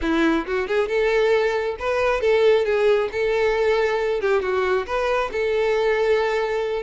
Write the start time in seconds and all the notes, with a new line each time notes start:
0.01 E4
0.46 F#4
0.67 G#4
0.88 A4
1.79 B4
2.21 A4
2.65 G#4
3.12 A4
4.20 G4
4.41 F#4
4.86 B4
5.32 A4